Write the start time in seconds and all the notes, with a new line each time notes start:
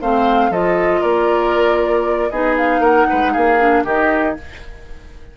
0.00 A3 C4 C5 F5
0.49 F3 F4 A4 D#5
1.00 A#3 A#4 D5
2.30 B3 D#4 G#4 D#5
2.57 F5
2.79 A#3 A#4 F#5
3.09 G#3 B4
3.32 A#3 G#4 F5
3.59 D4
3.84 D#3 D#4 G4 D#5